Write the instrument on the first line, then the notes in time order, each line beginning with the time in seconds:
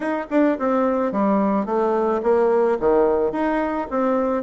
bassoon
0.00 D#4
0.30 D4
0.58 C4
1.12 G3
1.65 A3
2.22 A#3
2.80 D#3
3.32 D#4
3.90 C4